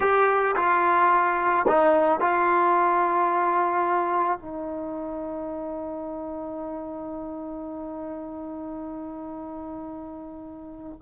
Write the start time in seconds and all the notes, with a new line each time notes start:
0.00 G4
0.56 F4
1.67 D#4
2.20 F4
4.39 D#4